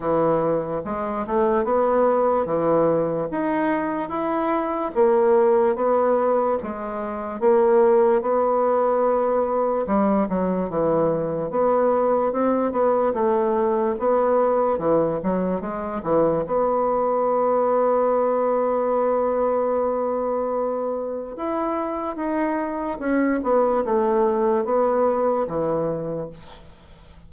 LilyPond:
\new Staff \with { instrumentName = "bassoon" } { \time 4/4 \tempo 4 = 73 e4 gis8 a8 b4 e4 | dis'4 e'4 ais4 b4 | gis4 ais4 b2 | g8 fis8 e4 b4 c'8 b8 |
a4 b4 e8 fis8 gis8 e8 | b1~ | b2 e'4 dis'4 | cis'8 b8 a4 b4 e4 | }